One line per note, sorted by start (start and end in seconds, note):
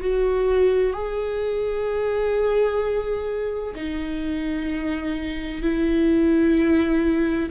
0.00 0.93 F#4
0.93 3.74 G#4
3.75 5.62 D#4
5.62 7.49 E4